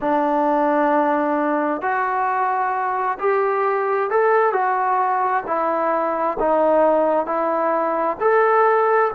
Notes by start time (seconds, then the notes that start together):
0.00 D4
1.81 F#4
3.19 G4
4.10 A4
4.52 F#4
5.46 E4
6.39 D#4
7.26 E4
8.20 A4